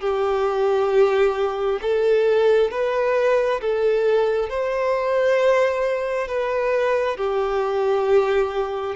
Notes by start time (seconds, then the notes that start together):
0.00 G4
1.82 A4
2.71 B4
3.61 A4
4.49 C5
6.28 B4
7.17 G4